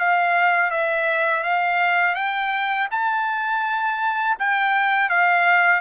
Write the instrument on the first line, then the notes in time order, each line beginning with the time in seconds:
trumpet
0.00 F5
0.71 E5
1.44 F5
2.16 G5
2.92 A5
4.40 G5
5.10 F5